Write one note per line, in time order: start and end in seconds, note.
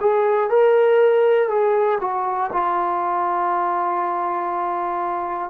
0.00 0.50 G#4
0.50 1.49 A#4
1.49 1.99 G#4
2.00 2.50 F#4
2.52 5.50 F4